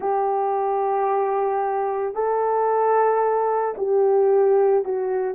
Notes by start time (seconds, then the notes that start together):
0.00 G4
2.14 A4
3.77 G4
4.84 F#4